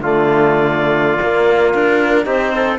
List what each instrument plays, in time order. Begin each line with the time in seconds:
0.00 cello D3, trombone A3, trumpet F4, clarinet D5
1.20 trombone A#3, cello A#3
1.73 cello D4, clarinet A#4
2.25 cello C4, trombone D#4, trumpet G4, clarinet C5
2.56 trumpet A4